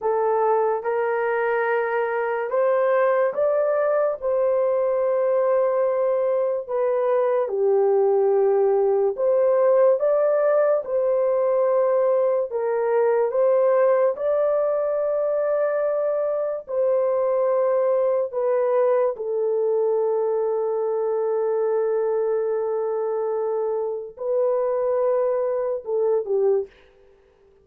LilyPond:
\new Staff \with { instrumentName = "horn" } { \time 4/4 \tempo 4 = 72 a'4 ais'2 c''4 | d''4 c''2. | b'4 g'2 c''4 | d''4 c''2 ais'4 |
c''4 d''2. | c''2 b'4 a'4~ | a'1~ | a'4 b'2 a'8 g'8 | }